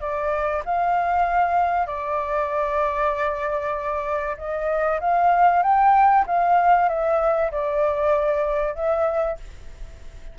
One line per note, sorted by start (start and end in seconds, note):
0.00 0.62 D5
0.65 1.86 F5
1.86 4.36 D5
4.37 5.00 D#5
5.00 5.62 F5
5.62 6.25 G5
6.26 6.88 F5
6.88 7.51 E5
7.51 8.75 D5
8.75 9.37 E5